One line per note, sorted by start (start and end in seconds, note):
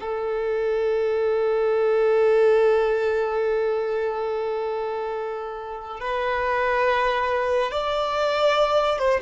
0.00 6.00 A4
6.00 7.71 B4
7.71 8.98 D5
8.98 9.20 C5